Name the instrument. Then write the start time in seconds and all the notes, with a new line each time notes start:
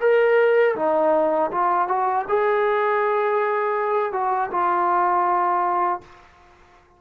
trombone
0.00 A#4
0.75 D#4
1.51 F4
1.88 F#4
2.28 G#4
4.12 F#4
4.50 F4